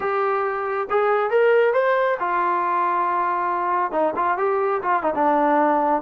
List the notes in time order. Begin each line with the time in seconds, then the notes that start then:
0.00 G4
0.89 G#4
1.30 A#4
1.73 C5
2.19 F4
3.91 D#4
4.15 F4
4.37 G4
4.82 F4
5.02 D#4
5.14 D4